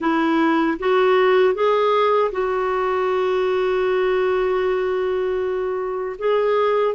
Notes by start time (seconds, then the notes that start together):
0.00 E4
0.79 F#4
1.54 G#4
2.31 F#4
6.18 G#4